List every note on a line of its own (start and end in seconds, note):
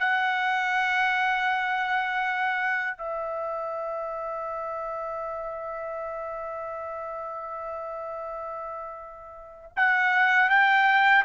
0.00 2.98 F#5
2.98 9.73 E5
9.77 10.50 F#5
10.50 11.25 G5